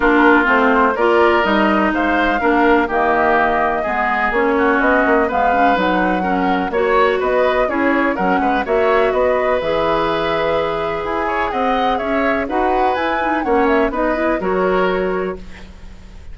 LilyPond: <<
  \new Staff \with { instrumentName = "flute" } { \time 4/4 \tempo 4 = 125 ais'4 c''4 d''4 dis''4 | f''2 dis''2~ | dis''4 cis''4 dis''4 f''4 | fis''2 cis''4 dis''4 |
cis''4 fis''4 e''4 dis''4 | e''2. gis''4 | fis''4 e''4 fis''4 gis''4 | fis''8 e''8 dis''4 cis''2 | }
  \new Staff \with { instrumentName = "oboe" } { \time 4/4 f'2 ais'2 | c''4 ais'4 g'2 | gis'4. fis'4. b'4~ | b'4 ais'4 cis''4 b'4 |
gis'4 ais'8 b'8 cis''4 b'4~ | b'2.~ b'8 cis''8 | dis''4 cis''4 b'2 | cis''4 b'4 ais'2 | }
  \new Staff \with { instrumentName = "clarinet" } { \time 4/4 d'4 c'4 f'4 dis'4~ | dis'4 d'4 ais2 | b4 cis'2 b8 cis'8 | dis'4 cis'4 fis'2 |
e'4 cis'4 fis'2 | gis'1~ | gis'2 fis'4 e'8 dis'8 | cis'4 dis'8 e'8 fis'2 | }
  \new Staff \with { instrumentName = "bassoon" } { \time 4/4 ais4 a4 ais4 g4 | gis4 ais4 dis2 | gis4 ais4 b8 ais8 gis4 | fis2 ais4 b4 |
cis'4 fis8 gis8 ais4 b4 | e2. e'4 | c'4 cis'4 dis'4 e'4 | ais4 b4 fis2 | }
>>